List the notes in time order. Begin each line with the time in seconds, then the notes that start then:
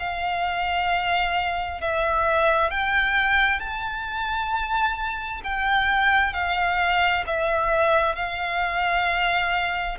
0.00 F5
1.81 E5
2.71 G5
3.60 A5
5.44 G5
6.33 F5
7.27 E5
8.16 F5